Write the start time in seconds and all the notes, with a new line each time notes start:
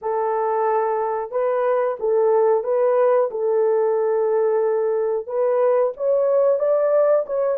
0.01 A4
1.31 B4
1.99 A4
2.63 B4
3.30 A4
5.27 B4
5.96 C#5
6.59 D5
7.26 C#5